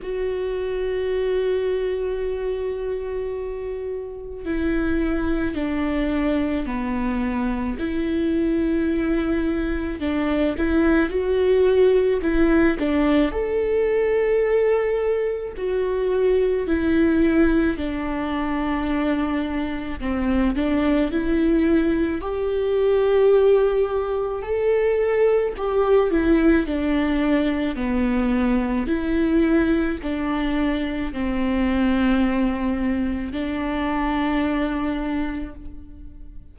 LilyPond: \new Staff \with { instrumentName = "viola" } { \time 4/4 \tempo 4 = 54 fis'1 | e'4 d'4 b4 e'4~ | e'4 d'8 e'8 fis'4 e'8 d'8 | a'2 fis'4 e'4 |
d'2 c'8 d'8 e'4 | g'2 a'4 g'8 e'8 | d'4 b4 e'4 d'4 | c'2 d'2 | }